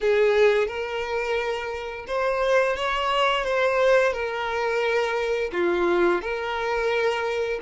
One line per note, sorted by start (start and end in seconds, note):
0.00 0.67 G#4
0.67 2.05 A#4
2.07 2.76 C5
2.76 3.44 C#5
3.44 4.13 C5
4.13 5.50 A#4
5.52 6.21 F4
6.21 7.59 A#4